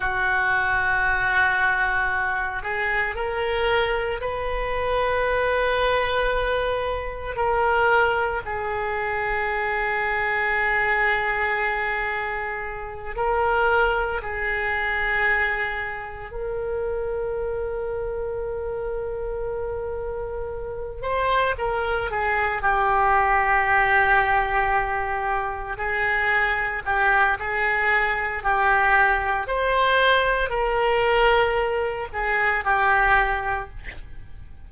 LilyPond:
\new Staff \with { instrumentName = "oboe" } { \time 4/4 \tempo 4 = 57 fis'2~ fis'8 gis'8 ais'4 | b'2. ais'4 | gis'1~ | gis'8 ais'4 gis'2 ais'8~ |
ais'1 | c''8 ais'8 gis'8 g'2~ g'8~ | g'8 gis'4 g'8 gis'4 g'4 | c''4 ais'4. gis'8 g'4 | }